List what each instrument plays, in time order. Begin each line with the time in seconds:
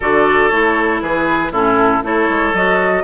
0.00 bassoon D3, clarinet F#4, oboe A4, flute D5
0.49 bassoon A3, clarinet E4, flute C#5
1.01 bassoon E3, oboe G#4, flute B4
1.51 bassoon A2, clarinet C#4, oboe E4, flute A4
2.03 bassoon A3, clarinet E4, oboe A4, flute C#5
2.29 bassoon G#3
2.53 bassoon F#3, clarinet F#4, flute D#5